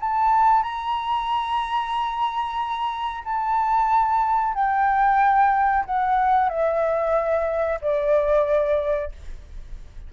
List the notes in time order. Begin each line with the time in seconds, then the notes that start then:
0.00 A5
0.63 A#5
3.24 A5
4.54 G5
5.85 F#5
6.49 E5
7.81 D5